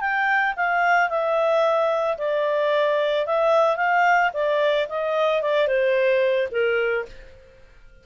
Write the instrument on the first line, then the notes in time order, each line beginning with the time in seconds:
clarinet
0.00 G5
0.56 F5
1.09 E5
2.18 D5
3.26 E5
3.77 F5
4.33 D5
4.89 D#5
5.42 D5
5.67 C5
6.51 A#4